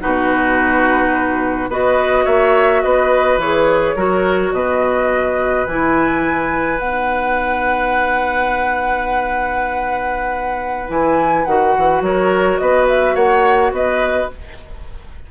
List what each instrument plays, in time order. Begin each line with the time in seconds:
0.00 bassoon B2, clarinet D#4, oboe F#4, flute B4
1.68 bassoon B3, clarinet F#4, oboe B4, flute D#5
2.25 bassoon A#3, oboe C#5, flute E5
2.82 bassoon B3, oboe B4, flute D#5
3.37 bassoon E3, clarinet G#4, flute C#5
3.96 bassoon F#3, clarinet F#4, oboe A#4
4.52 bassoon B2, oboe B4, flute D#5
5.66 bassoon E3, clarinet E4, flute G#5
6.78 bassoon B3, clarinet D#4, flute F#5
10.88 bassoon E3, clarinet E4, flute G#5
11.45 bassoon D#3, clarinet F#4, flute F#5
11.78 bassoon E3
12.01 bassoon F#3, oboe A#4, flute C#5
12.57 bassoon B3, oboe B4, flute D#5
12.88 flute E5
13.14 bassoon A#3, oboe C#5, flute F#5
13.71 bassoon B3, oboe B4, flute D#5